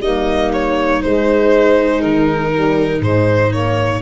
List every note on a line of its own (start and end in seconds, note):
0.00 1.00 G3
0.00 1.02 A#3
0.00 4.02 D#4
0.00 0.52 D#5
0.53 1.02 C#5
1.02 2.52 G#3
1.02 2.03 G#3
1.02 2.01 C5
2.01 3.00 D#3
2.01 3.01 A#4
2.52 3.00 G3
3.00 4.00 G#2
3.00 3.50 G#3
3.00 3.53 C5
3.51 4.01 A#3
3.51 4.02 C#5